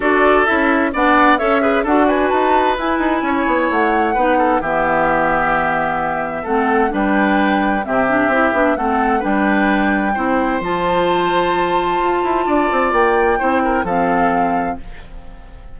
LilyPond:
<<
  \new Staff \with { instrumentName = "flute" } { \time 4/4 \tempo 4 = 130 d''4 e''4 fis''4 e''4 | fis''8 gis''8 a''4 gis''2 | fis''2 e''2~ | e''2 fis''4 g''4~ |
g''4 e''2 fis''4 | g''2. a''4~ | a''1 | g''2 f''2 | }
  \new Staff \with { instrumentName = "oboe" } { \time 4/4 a'2 d''4 cis''8 b'8 | a'8 b'2~ b'8 cis''4~ | cis''4 b'8 a'8 g'2~ | g'2 a'4 b'4~ |
b'4 g'2 a'4 | b'2 c''2~ | c''2. d''4~ | d''4 c''8 ais'8 a'2 | }
  \new Staff \with { instrumentName = "clarinet" } { \time 4/4 fis'4 e'4 d'4 a'8 gis'8 | fis'2 e'2~ | e'4 dis'4 b2~ | b2 c'4 d'4~ |
d'4 c'8 d'8 e'8 d'8 c'4 | d'2 e'4 f'4~ | f'1~ | f'4 e'4 c'2 | }
  \new Staff \with { instrumentName = "bassoon" } { \time 4/4 d'4 cis'4 b4 cis'4 | d'4 dis'4 e'8 dis'8 cis'8 b8 | a4 b4 e2~ | e2 a4 g4~ |
g4 c4 c'8 b8 a4 | g2 c'4 f4~ | f2 f'8 e'8 d'8 c'8 | ais4 c'4 f2 | }
>>